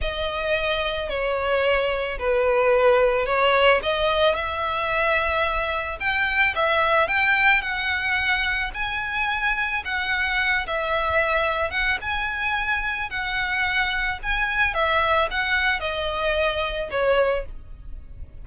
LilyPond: \new Staff \with { instrumentName = "violin" } { \time 4/4 \tempo 4 = 110 dis''2 cis''2 | b'2 cis''4 dis''4 | e''2. g''4 | e''4 g''4 fis''2 |
gis''2 fis''4. e''8~ | e''4. fis''8 gis''2 | fis''2 gis''4 e''4 | fis''4 dis''2 cis''4 | }